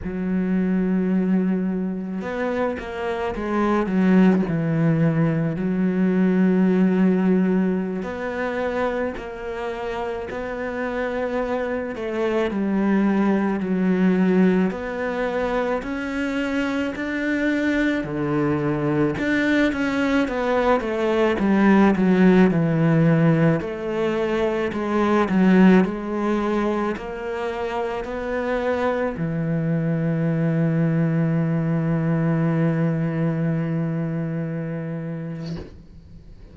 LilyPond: \new Staff \with { instrumentName = "cello" } { \time 4/4 \tempo 4 = 54 fis2 b8 ais8 gis8 fis8 | e4 fis2~ fis16 b8.~ | b16 ais4 b4. a8 g8.~ | g16 fis4 b4 cis'4 d'8.~ |
d'16 d4 d'8 cis'8 b8 a8 g8 fis16~ | fis16 e4 a4 gis8 fis8 gis8.~ | gis16 ais4 b4 e4.~ e16~ | e1 | }